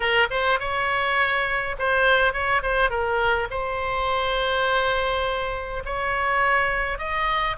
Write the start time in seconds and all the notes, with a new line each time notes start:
0.00 A#4
0.30 C5
0.59 C#5
1.78 C5
2.33 C#5
2.62 C5
2.89 A#4
3.50 C5
5.85 C#5
6.98 D#5